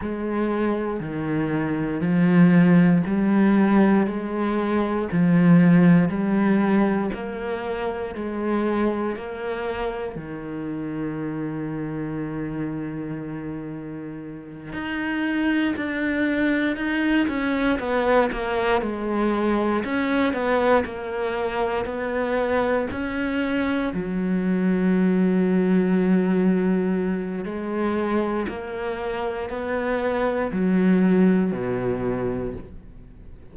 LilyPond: \new Staff \with { instrumentName = "cello" } { \time 4/4 \tempo 4 = 59 gis4 dis4 f4 g4 | gis4 f4 g4 ais4 | gis4 ais4 dis2~ | dis2~ dis8 dis'4 d'8~ |
d'8 dis'8 cis'8 b8 ais8 gis4 cis'8 | b8 ais4 b4 cis'4 fis8~ | fis2. gis4 | ais4 b4 fis4 b,4 | }